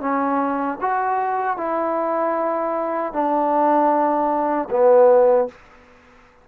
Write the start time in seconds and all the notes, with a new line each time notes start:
0.00 C#4
0.81 F#4
1.57 E4
3.12 D4
4.70 B3